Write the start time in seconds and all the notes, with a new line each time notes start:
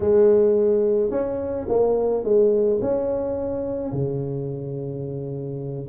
0.00 G#3
1.10 C#4
1.68 A#3
2.24 G#3
2.81 C#4
3.92 C#3